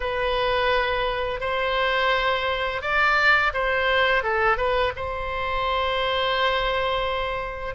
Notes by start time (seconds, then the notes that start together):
0.00 B4
1.40 C5
2.81 D5
3.53 C5
4.23 A4
4.57 B4
4.95 C5